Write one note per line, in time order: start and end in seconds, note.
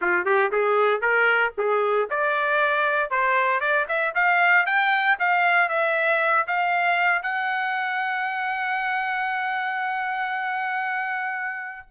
0.01 0.25 F4
0.25 0.51 G4
0.51 1.01 G#4
1.01 1.52 A#4
1.57 2.09 G#4
2.09 3.10 D5
3.10 3.60 C5
3.60 3.86 D5
3.88 4.14 E5
4.14 4.66 F5
4.66 5.17 G5
5.19 5.68 F5
5.68 6.46 E5
6.47 7.22 F5
7.22 11.88 F#5